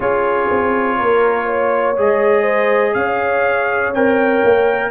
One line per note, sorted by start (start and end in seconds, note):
0.00 0.49 C#4
0.00 1.96 F4
0.00 0.96 G#4
0.00 1.97 C#5
0.50 0.99 C4
0.98 1.97 A#3
0.98 1.45 A#4
1.45 2.42 C#5
1.97 2.94 G#3
1.97 3.93 G#4
1.97 2.94 D#5
2.42 2.91 C5
2.94 3.93 C#4
2.94 4.90 C#5
2.94 3.92 F5
3.93 4.42 C4
3.93 4.90 A#4
3.93 4.90 G5
4.44 4.90 A#3